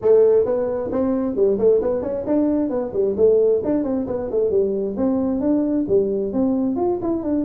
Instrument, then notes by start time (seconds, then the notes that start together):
tuba
0.01 A3
0.45 B3
0.91 C4
1.35 G3
1.58 A3
1.81 B3
2.02 C#4
2.26 D4
2.69 B3
2.93 G3
3.17 A3
3.63 D4
3.83 C4
4.07 B3
4.30 A3
4.50 G3
4.96 C4
5.40 D4
5.88 G3
6.33 C4
6.76 F4
7.02 E4
7.23 D4